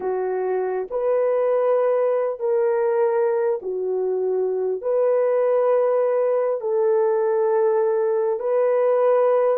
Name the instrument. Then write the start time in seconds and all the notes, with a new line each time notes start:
horn
0.00 F#4
0.90 B4
2.39 A#4
3.62 F#4
4.81 B4
6.60 A4
8.39 B4